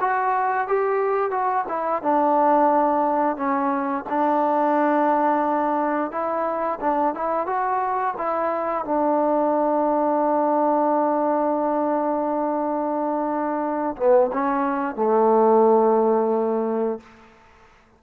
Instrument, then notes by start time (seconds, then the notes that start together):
trombone
0.00 F#4
0.68 G4
1.30 F#4
1.68 E4
2.02 D4
3.36 C#4
4.09 D4
6.11 E4
6.80 D4
7.14 E4
7.46 F#4
8.17 E4
8.85 D4
13.97 B3
14.32 C#4
14.95 A3